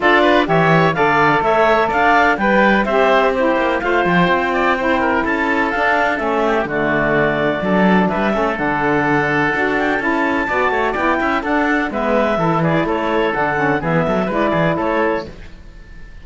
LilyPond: <<
  \new Staff \with { instrumentName = "clarinet" } { \time 4/4 \tempo 4 = 126 d''4 e''4 f''4 e''4 | f''4 g''4 e''4 c''4 | f''8 g''2~ g''8 a''4 | f''4 e''4 d''2~ |
d''4 e''4 fis''2~ | fis''8 g''8 a''2 g''4 | fis''4 e''4. d''8 cis''4 | fis''4 e''4 d''4 cis''4 | }
  \new Staff \with { instrumentName = "oboe" } { \time 4/4 a'8 b'8 cis''4 d''4 cis''4 | d''4 b'4 c''4 g'4 | c''4. d''8 c''8 ais'8 a'4~ | a'4. g'8 fis'2 |
a'4 b'8 a'2~ a'8~ | a'2 d''8 cis''8 d''8 e''8 | a'4 b'4 a'8 gis'8 a'4~ | a'4 gis'8 a'8 b'8 gis'8 a'4 | }
  \new Staff \with { instrumentName = "saxophone" } { \time 4/4 f'4 g'4 a'2~ | a'4 b'4 g'4 e'4 | f'2 e'2 | d'4 cis'4 a2 |
d'4. cis'8 d'2 | fis'4 e'4 fis'4 e'4 | d'4 b4 e'2 | d'8 cis'8 b4 e'2 | }
  \new Staff \with { instrumentName = "cello" } { \time 4/4 d'4 e4 d4 a4 | d'4 g4 c'4. ais8 | a8 f8 c'2 cis'4 | d'4 a4 d2 |
fis4 g8 a8 d2 | d'4 cis'4 b8 a8 b8 cis'8 | d'4 gis4 e4 a4 | d4 e8 fis8 gis8 e8 a4 | }
>>